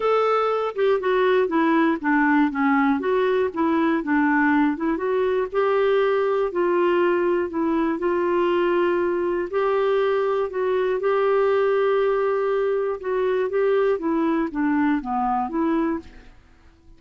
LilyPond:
\new Staff \with { instrumentName = "clarinet" } { \time 4/4 \tempo 4 = 120 a'4. g'8 fis'4 e'4 | d'4 cis'4 fis'4 e'4 | d'4. e'8 fis'4 g'4~ | g'4 f'2 e'4 |
f'2. g'4~ | g'4 fis'4 g'2~ | g'2 fis'4 g'4 | e'4 d'4 b4 e'4 | }